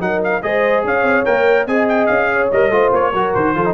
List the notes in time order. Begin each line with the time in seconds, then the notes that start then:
0.00 F#3 D#4 A#4 F#5
0.24 F5
0.42 G#3 G#4 C5 D#5
0.84 C#4 C#5 F5
1.02 C4
1.25 A#3 A#4 G5
1.66 C4 G#4 D#5 G#5
1.88 G5
2.06 C#4 F5
2.32 C#5
2.51 G3 A#4 D#5
2.70 A3 F4 C5
2.92 A#3 C#5
3.12 F#3 F#4 A#4
3.34 D#3 C5
3.55 F3 F4 A4
3.65 D#4